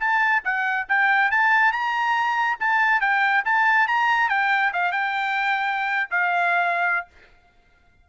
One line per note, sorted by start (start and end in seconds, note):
0.00 0.43 A5
0.45 0.87 F#5
0.89 1.31 G5
1.31 1.73 A5
1.73 2.58 A#5
2.60 3.01 A5
3.01 3.44 G5
3.45 3.88 A5
3.88 4.30 A#5
4.30 4.72 G5
4.73 4.92 F5
4.92 6.10 G5
6.11 7.08 F5